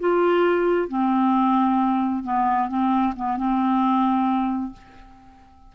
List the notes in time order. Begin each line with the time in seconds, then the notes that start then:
0.00 F4
0.89 C4
2.24 B3
2.69 C4
3.17 B3
3.38 C4